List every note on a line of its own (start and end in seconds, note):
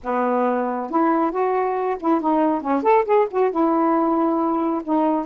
0.03 0.90 B3
0.90 1.31 E4
1.31 1.96 F#4
1.99 2.20 E4
2.20 2.61 D#4
2.61 2.82 C#4
2.82 3.04 A4
3.05 3.27 G#4
3.30 3.51 F#4
3.51 4.82 E4
4.84 5.25 D#4